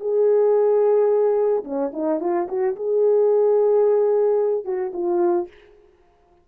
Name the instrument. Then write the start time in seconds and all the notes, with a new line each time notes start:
horn
0.00 G#4
1.64 C#4
1.93 D#4
2.20 F4
2.48 F#4
2.75 G#4
4.64 F#4
4.93 F4